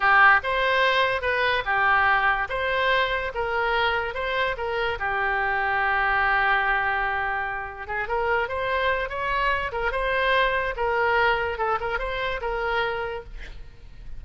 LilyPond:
\new Staff \with { instrumentName = "oboe" } { \time 4/4 \tempo 4 = 145 g'4 c''2 b'4 | g'2 c''2 | ais'2 c''4 ais'4 | g'1~ |
g'2. gis'8 ais'8~ | ais'8 c''4. cis''4. ais'8 | c''2 ais'2 | a'8 ais'8 c''4 ais'2 | }